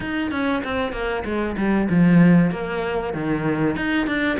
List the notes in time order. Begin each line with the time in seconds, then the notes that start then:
0.00 D#4
0.31 C#4
0.63 C4
0.92 A#3
1.24 G#3
1.57 G3
1.89 F3
2.51 A#3
3.13 D#3
3.76 D#4
4.06 D4